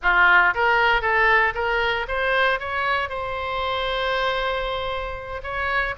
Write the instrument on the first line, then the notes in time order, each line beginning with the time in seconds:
oboe
0.02 F4
0.54 A#4
1.01 A4
1.54 A#4
2.08 C5
2.59 C#5
3.09 C5
5.43 C#5